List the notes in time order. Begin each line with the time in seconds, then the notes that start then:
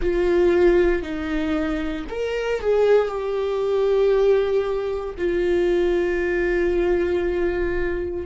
0.01 F4
1.02 D#4
2.09 A#4
2.60 G#4
3.08 G4
5.17 F4